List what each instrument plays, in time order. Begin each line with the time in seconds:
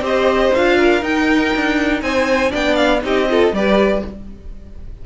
0.00 cello C4, viola G4, violin C5 D#5
0.54 cello D4, viola F4, violin F5
0.77 violin A#4
1.01 viola D#4, cello D#4, violin G5
1.55 cello D4
2.01 cello C4, violin C5 G#5
2.49 cello B3, viola D4, violin D5 G5
2.75 violin F5
3.02 cello C4, viola D#4, violin G4 D#5
3.29 viola F4, violin A4
3.51 cello G3, viola G4, violin B4 D5